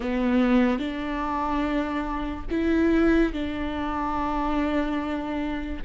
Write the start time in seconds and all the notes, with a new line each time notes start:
0.00 B3
0.78 D4
2.50 E4
3.33 D4